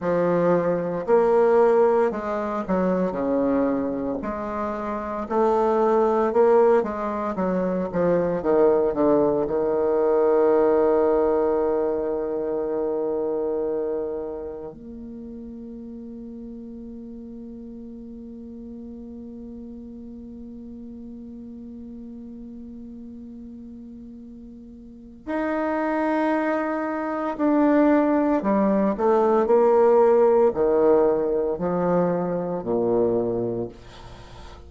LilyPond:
\new Staff \with { instrumentName = "bassoon" } { \time 4/4 \tempo 4 = 57 f4 ais4 gis8 fis8 cis4 | gis4 a4 ais8 gis8 fis8 f8 | dis8 d8 dis2.~ | dis2 ais2~ |
ais1~ | ais1 | dis'2 d'4 g8 a8 | ais4 dis4 f4 ais,4 | }